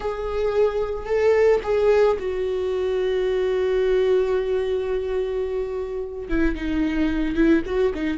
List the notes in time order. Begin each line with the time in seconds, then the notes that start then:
0.00 G#4
1.05 A4
1.63 G#4
2.19 F#4
6.29 E4
6.55 D#4
7.35 E4
7.65 F#4
7.94 D#4